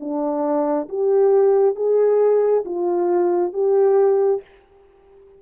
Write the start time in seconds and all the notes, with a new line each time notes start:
0.00 D4
0.89 G4
1.76 G#4
2.66 F4
3.53 G4